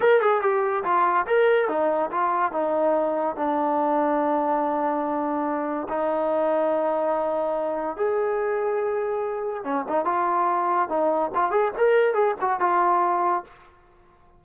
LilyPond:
\new Staff \with { instrumentName = "trombone" } { \time 4/4 \tempo 4 = 143 ais'8 gis'8 g'4 f'4 ais'4 | dis'4 f'4 dis'2 | d'1~ | d'2 dis'2~ |
dis'2. gis'4~ | gis'2. cis'8 dis'8 | f'2 dis'4 f'8 gis'8 | ais'4 gis'8 fis'8 f'2 | }